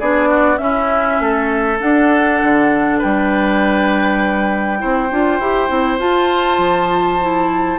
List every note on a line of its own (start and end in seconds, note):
0.00 0.59 B3
0.00 0.58 D4
0.00 0.29 G#4
0.00 0.58 D5
0.29 0.59 F#4
0.58 1.78 C#4
0.58 1.19 C#4
0.58 1.23 E4
0.58 1.78 E5
1.20 1.80 A3
1.20 2.99 A4
1.80 4.79 D4
1.80 2.43 D4
1.80 3.00 F#5
2.43 3.03 D3
2.99 4.83 G3
2.99 4.79 B4
2.99 6.00 G5
4.79 5.11 C4
4.79 5.09 E4
4.79 7.79 C5
5.11 5.40 D4
5.11 5.41 F4
5.40 5.70 E4
5.40 5.69 G4
5.69 5.99 C4
5.69 5.99 E4
5.99 7.19 F4
5.99 6.58 F4
5.99 7.79 A5
6.58 7.78 F3
7.22 7.79 E4